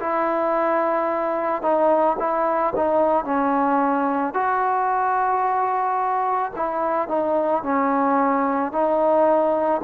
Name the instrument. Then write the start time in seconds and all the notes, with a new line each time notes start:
trombone
0.00 E4
1.62 D#4
2.19 E4
2.76 D#4
3.25 C#4
4.34 F#4
6.56 E4
7.09 D#4
7.63 C#4
8.72 D#4